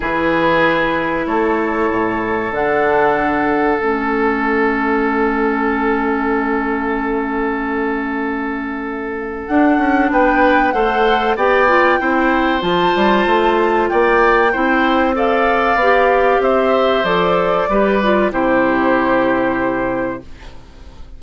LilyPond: <<
  \new Staff \with { instrumentName = "flute" } { \time 4/4 \tempo 4 = 95 b'2 cis''2 | fis''2 e''2~ | e''1~ | e''2. fis''4 |
g''4 fis''4 g''2 | a''2 g''2 | f''2 e''4 d''4~ | d''4 c''2. | }
  \new Staff \with { instrumentName = "oboe" } { \time 4/4 gis'2 a'2~ | a'1~ | a'1~ | a'1 |
b'4 c''4 d''4 c''4~ | c''2 d''4 c''4 | d''2 c''2 | b'4 g'2. | }
  \new Staff \with { instrumentName = "clarinet" } { \time 4/4 e'1 | d'2 cis'2~ | cis'1~ | cis'2. d'4~ |
d'4 a'4 g'8 f'8 e'4 | f'2. e'4 | a'4 g'2 a'4 | g'8 f'8 e'2. | }
  \new Staff \with { instrumentName = "bassoon" } { \time 4/4 e2 a4 a,4 | d2 a2~ | a1~ | a2. d'8 cis'8 |
b4 a4 b4 c'4 | f8 g8 a4 ais4 c'4~ | c'4 b4 c'4 f4 | g4 c2. | }
>>